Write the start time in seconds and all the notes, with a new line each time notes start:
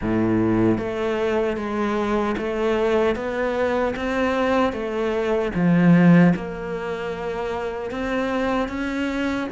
0.01 A2
0.78 A3
1.56 G#3
2.37 A3
3.15 B3
3.95 C4
4.72 A3
5.54 F3
6.35 A#3
7.91 C4
8.68 C#4